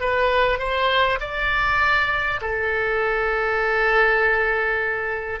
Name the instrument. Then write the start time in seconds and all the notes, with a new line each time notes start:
oboe
0.00 B4
0.58 C5
1.20 D5
2.41 A4